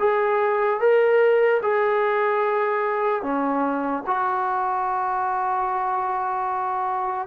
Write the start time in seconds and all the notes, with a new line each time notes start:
0.00 G#4
0.80 A#4
1.63 G#4
3.23 C#4
4.07 F#4